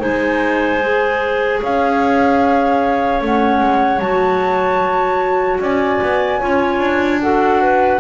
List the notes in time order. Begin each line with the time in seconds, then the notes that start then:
0.00 G#3 D#4 C5 G#5
0.82 G#4
1.62 C#4 C#5 F5
3.22 A3 C#4 F#5
3.61 G#3
4.00 F#3 F#4 A5
5.60 C#4 D5 G#5
6.02 B3
6.40 C#4 F4 C#5
6.80 D4
7.22 F#4 A4 F#5
7.62 B4